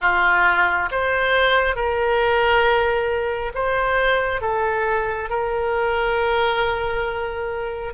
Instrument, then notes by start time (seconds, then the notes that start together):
oboe
0.01 F4
0.91 C5
1.75 A#4
3.54 C5
4.41 A4
5.29 A#4